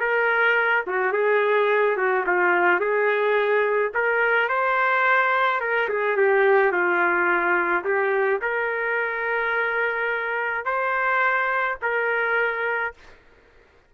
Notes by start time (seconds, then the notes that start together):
0.00 A#4
0.87 F#4
1.12 G#4
1.97 F#4
2.26 F4
2.80 G#4
3.94 A#4
4.49 C5
5.60 A#4
5.89 G#4
6.17 G4
6.72 F4
7.84 G4
8.41 A#4
10.65 C5
11.82 A#4